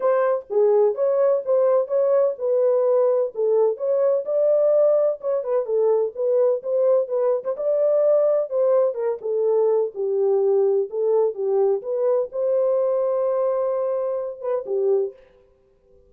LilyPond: \new Staff \with { instrumentName = "horn" } { \time 4/4 \tempo 4 = 127 c''4 gis'4 cis''4 c''4 | cis''4 b'2 a'4 | cis''4 d''2 cis''8 b'8 | a'4 b'4 c''4 b'8. c''16 |
d''2 c''4 ais'8 a'8~ | a'4 g'2 a'4 | g'4 b'4 c''2~ | c''2~ c''8 b'8 g'4 | }